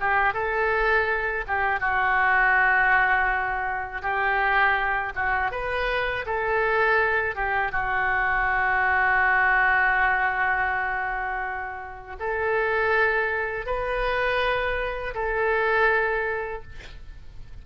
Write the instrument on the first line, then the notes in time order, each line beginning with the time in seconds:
oboe
0.00 G4
0.34 A4
1.47 G4
1.80 F#4
4.02 G4
5.15 F#4
5.52 B4
6.26 A4
7.35 G4
7.72 F#4
12.20 A4
13.66 B4
15.14 A4